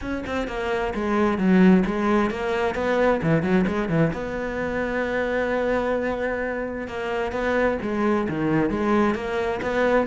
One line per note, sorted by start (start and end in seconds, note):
0.01 0.24 C#4
0.26 0.47 C4
0.47 0.93 A#3
0.94 1.38 G#3
1.38 1.83 F#3
1.85 2.30 G#3
2.30 2.74 A#3
2.74 3.20 B3
3.22 3.42 E3
3.42 3.65 F#3
3.67 3.88 G#3
3.88 4.11 E3
4.13 6.87 B3
6.87 7.32 A#3
7.32 7.77 B3
7.82 8.28 G#3
8.28 8.69 D#3
8.69 9.14 G#3
9.14 9.60 A#3
9.62 10.07 B3